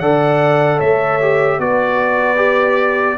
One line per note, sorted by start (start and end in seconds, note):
0.00 0.81 D3
0.00 1.22 A4
0.00 0.77 D5
0.00 0.80 F#5
0.77 1.59 A3
0.77 1.57 C#5
0.77 1.60 E5
1.22 1.61 G4
1.59 3.18 B3
1.59 2.37 F#4
1.59 3.18 B4
1.59 3.18 D5
2.37 3.17 G4